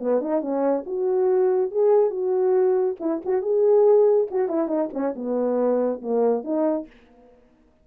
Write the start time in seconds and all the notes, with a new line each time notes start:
0.00 B3
0.21 D#4
0.41 C#4
0.86 F#4
1.71 G#4
2.10 F#4
3.00 E4
3.25 F#4
3.42 G#4
4.31 F#4
4.49 E4
4.68 D#4
4.93 C#4
5.16 B3
6.02 A#3
6.44 D#4